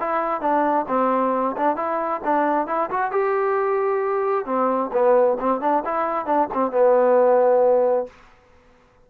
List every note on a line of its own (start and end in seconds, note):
0.00 0.41 E4
0.41 0.86 D4
0.88 1.56 C4
1.57 1.76 D4
1.76 2.21 E4
2.25 2.67 D4
2.67 2.90 E4
2.91 3.12 F#4
3.12 4.46 G4
4.46 4.91 C4
4.93 5.38 B3
5.40 5.61 C4
5.61 5.84 D4
5.85 6.26 E4
6.26 6.49 D4
6.54 6.72 C4
6.72 8.07 B3